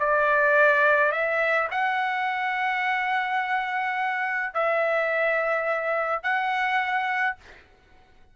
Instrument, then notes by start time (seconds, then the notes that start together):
trumpet
0.00 D5
1.12 E5
1.71 F#5
4.54 E5
6.23 F#5